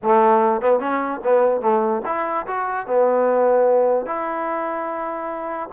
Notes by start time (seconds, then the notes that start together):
0.02 A3
0.61 B3
0.79 C#4
1.23 B3
1.61 A3
2.05 E4
2.46 F#4
2.86 B3
4.06 E4